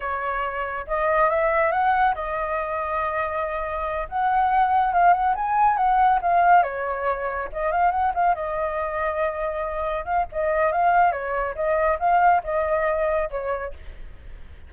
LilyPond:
\new Staff \with { instrumentName = "flute" } { \time 4/4 \tempo 4 = 140 cis''2 dis''4 e''4 | fis''4 dis''2.~ | dis''4. fis''2 f''8 | fis''8 gis''4 fis''4 f''4 cis''8~ |
cis''4. dis''8 f''8 fis''8 f''8 dis''8~ | dis''2.~ dis''8 f''8 | dis''4 f''4 cis''4 dis''4 | f''4 dis''2 cis''4 | }